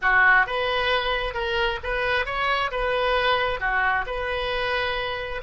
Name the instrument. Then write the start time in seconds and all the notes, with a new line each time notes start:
oboe
0.01 F#4
0.46 B4
1.34 A#4
1.83 B4
2.25 C#5
2.71 B4
3.60 F#4
4.06 B4